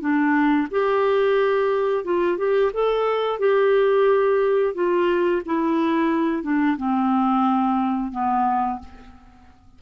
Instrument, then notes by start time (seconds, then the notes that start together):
clarinet
0.00 D4
0.70 G4
2.04 F4
2.37 G4
2.73 A4
3.39 G4
4.74 F4
5.45 E4
6.43 D4
6.77 C4
8.11 B3